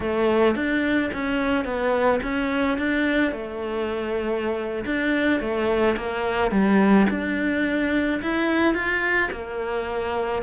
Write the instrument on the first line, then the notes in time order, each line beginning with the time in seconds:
cello
0.00 A3
0.55 D4
1.13 C#4
1.64 B3
2.22 C#4
2.78 D4
3.32 A3
4.85 D4
5.40 A3
5.96 A#3
6.51 G3
7.10 D4
8.21 E4
8.74 F4
9.31 A#3